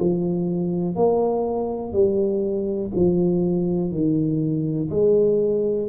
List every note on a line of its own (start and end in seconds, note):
0.00 0.96 F3
0.96 1.93 A#3
1.93 2.92 G3
2.96 3.92 F3
3.92 4.90 D#3
4.90 5.89 G#3